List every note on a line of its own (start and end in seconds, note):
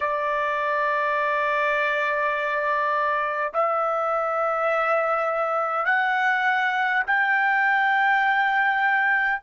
0.00 3.52 D5
3.53 5.85 E5
5.85 7.03 F#5
7.06 9.42 G5